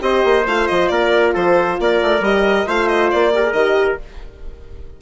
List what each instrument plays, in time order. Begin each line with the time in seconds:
0.00 bassoon C4, horn G4, trumpet C5, violin D#5
0.24 bassoon A#3
0.47 bassoon A3, horn F4, violin F5
0.67 bassoon F3, violin D#5
0.88 bassoon A#3, trumpet A#4, violin D5
1.34 bassoon F3, trumpet A4, violin C5
1.80 bassoon A#3, trumpet A#4, violin D5
2.02 bassoon A3
2.21 bassoon G3, horn G4, violin D#5
2.67 bassoon A3, horn F4, trumpet C5, violin F5
2.88 violin D#5
3.11 bassoon A#3, violin D5
3.34 horn G4, trumpet A#4
3.43 horn G#4
3.52 bassoon D#3, horn G4, violin D#5